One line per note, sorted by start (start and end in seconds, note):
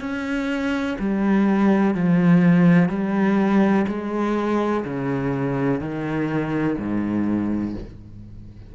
0.00 0.97 C#4
0.99 1.94 G3
1.94 2.89 F3
2.89 3.85 G3
3.87 4.83 G#3
4.84 5.80 C#3
5.80 6.77 D#3
6.78 7.75 G#2